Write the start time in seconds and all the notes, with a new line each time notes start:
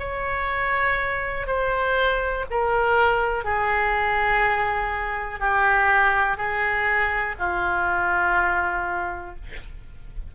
0.00 C#5
1.48 C5
2.51 A#4
3.45 G#4
5.40 G4
6.38 G#4
7.39 F4